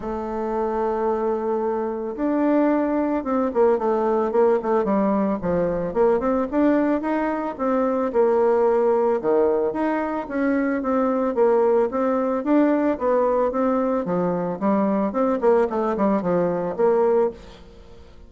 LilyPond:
\new Staff \with { instrumentName = "bassoon" } { \time 4/4 \tempo 4 = 111 a1 | d'2 c'8 ais8 a4 | ais8 a8 g4 f4 ais8 c'8 | d'4 dis'4 c'4 ais4~ |
ais4 dis4 dis'4 cis'4 | c'4 ais4 c'4 d'4 | b4 c'4 f4 g4 | c'8 ais8 a8 g8 f4 ais4 | }